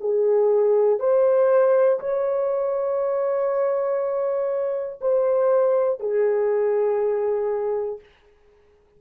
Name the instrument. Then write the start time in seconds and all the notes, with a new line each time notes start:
horn
0.00 G#4
1.00 C5
2.00 C#5
5.01 C5
6.00 G#4